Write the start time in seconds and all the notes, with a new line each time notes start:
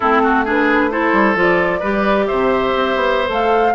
0.00 A3 C4 E4 A4
0.23 F#4
0.44 D4 G#4 B4
0.91 E4 A4 C5
1.13 G3
1.35 F3 F4 D5
1.79 G3 G4 B4
2.26 C3 C5 E5
2.74 C4
2.95 B3
3.26 A3 A4 F5